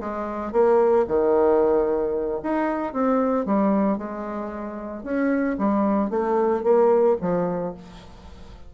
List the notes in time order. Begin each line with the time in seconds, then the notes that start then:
0.00 G#3
0.52 A#3
1.08 D#3
2.43 D#4
2.93 C4
3.46 G3
3.98 G#3
5.04 C#4
5.58 G3
6.10 A3
6.63 A#3
7.21 F3